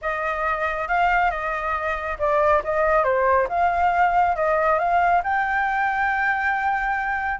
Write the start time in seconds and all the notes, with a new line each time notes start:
0.01 D#5
0.88 F5
1.30 D#5
2.18 D5
2.63 D#5
3.03 C5
3.49 F5
4.36 D#5
4.78 F5
5.23 G5